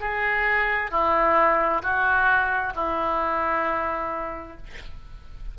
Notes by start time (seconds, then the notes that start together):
0.00 G#4
0.91 E4
1.82 F#4
2.75 E4